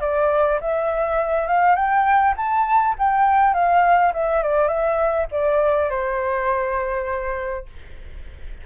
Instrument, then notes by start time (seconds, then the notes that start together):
flute
0.00 D5
0.61 E5
1.48 F5
1.75 G5
2.37 A5
2.99 G5
3.54 F5
4.13 E5
4.43 D5
4.68 E5
5.32 D5
5.90 C5